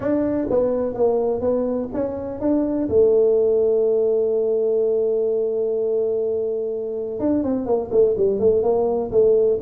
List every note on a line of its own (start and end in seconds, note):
0.00 0.48 D4
0.50 0.94 B3
0.94 1.41 A#3
1.41 1.89 B3
1.93 2.40 C#4
2.40 2.88 D4
2.88 7.19 A3
7.19 7.43 D4
7.43 7.65 C4
7.65 7.89 A#3
7.91 8.15 A3
8.17 8.39 G3
8.39 8.63 A3
8.63 9.11 A#3
9.11 9.59 A3